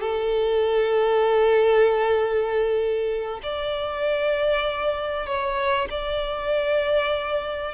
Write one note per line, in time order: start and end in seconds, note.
0.00 3.40 A4
3.42 5.26 D5
5.26 5.88 C#5
5.90 7.74 D5